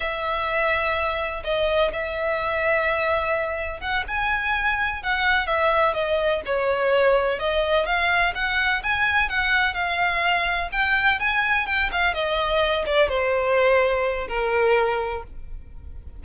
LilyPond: \new Staff \with { instrumentName = "violin" } { \time 4/4 \tempo 4 = 126 e''2. dis''4 | e''1 | fis''8 gis''2 fis''4 e''8~ | e''8 dis''4 cis''2 dis''8~ |
dis''8 f''4 fis''4 gis''4 fis''8~ | fis''8 f''2 g''4 gis''8~ | gis''8 g''8 f''8 dis''4. d''8 c''8~ | c''2 ais'2 | }